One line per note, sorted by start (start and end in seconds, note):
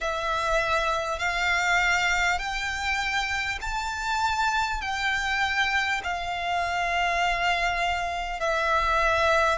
0.00 1.18 E5
1.18 2.38 F5
2.38 3.58 G5
3.61 4.81 A5
4.81 6.01 G5
6.03 8.39 F5
8.39 9.58 E5